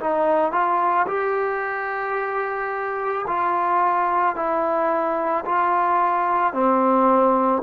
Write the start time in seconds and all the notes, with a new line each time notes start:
0.00 D#4
0.52 F4
1.08 G4
3.27 F4
4.36 E4
5.45 F4
6.54 C4